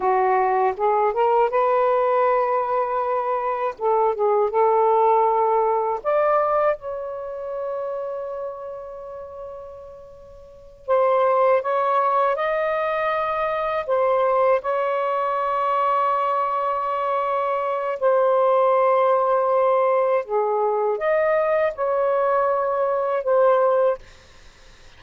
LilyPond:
\new Staff \with { instrumentName = "saxophone" } { \time 4/4 \tempo 4 = 80 fis'4 gis'8 ais'8 b'2~ | b'4 a'8 gis'8 a'2 | d''4 cis''2.~ | cis''2~ cis''8 c''4 cis''8~ |
cis''8 dis''2 c''4 cis''8~ | cis''1 | c''2. gis'4 | dis''4 cis''2 c''4 | }